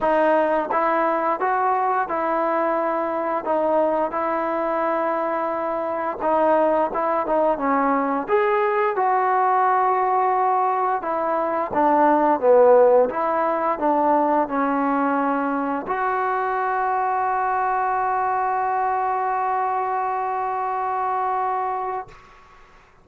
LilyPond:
\new Staff \with { instrumentName = "trombone" } { \time 4/4 \tempo 4 = 87 dis'4 e'4 fis'4 e'4~ | e'4 dis'4 e'2~ | e'4 dis'4 e'8 dis'8 cis'4 | gis'4 fis'2. |
e'4 d'4 b4 e'4 | d'4 cis'2 fis'4~ | fis'1~ | fis'1 | }